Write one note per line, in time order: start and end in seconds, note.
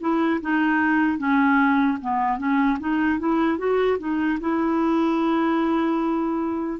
0.00 0.40 E4
0.41 1.18 D#4
1.18 1.98 C#4
2.01 2.38 B3
2.38 2.78 C#4
2.80 3.19 D#4
3.19 3.58 E4
3.58 3.98 F#4
3.99 4.39 D#4
4.40 6.80 E4